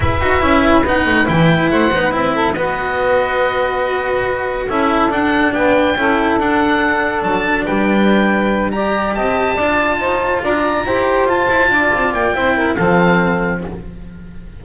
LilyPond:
<<
  \new Staff \with { instrumentName = "oboe" } { \time 4/4 \tempo 4 = 141 e''2 fis''4 g''4 | fis''4 e''4 dis''2~ | dis''2. e''4 | fis''4 g''2 fis''4~ |
fis''4 a''4 g''2~ | g''8 ais''4 a''2~ a''8~ | a''8 ais''2 a''4.~ | a''8 g''4. f''2 | }
  \new Staff \with { instrumentName = "saxophone" } { \time 4/4 b'1 | c''8. b'8. a'8 b'2~ | b'2. a'4~ | a'4 b'4 a'2~ |
a'2 b'2~ | b'8 d''4 dis''4 d''4 c''8~ | c''8 d''4 c''2 d''8~ | d''4 c''8 ais'8 a'2 | }
  \new Staff \with { instrumentName = "cello" } { \time 4/4 gis'8 fis'8 e'4 dis'4 e'4~ | e'8 dis'8 e'4 fis'2~ | fis'2. e'4 | d'2 e'4 d'4~ |
d'1~ | d'8 g'2 f'4.~ | f'4. g'4 f'4.~ | f'4 e'4 c'2 | }
  \new Staff \with { instrumentName = "double bass" } { \time 4/4 e'8 dis'8 cis'4 b8 a8 e4 | a8 b8 c'4 b2~ | b2. cis'4 | d'4 b4 cis'4 d'4~ |
d'4 fis4 g2~ | g4. c'4 d'4 dis'8~ | dis'8 d'4 e'4 f'8 e'8 d'8 | c'8 ais8 c'4 f2 | }
>>